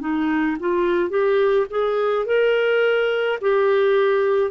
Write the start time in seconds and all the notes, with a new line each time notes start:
0.00 D#4
0.60 F4
1.10 G4
1.70 G#4
2.26 A#4
3.42 G4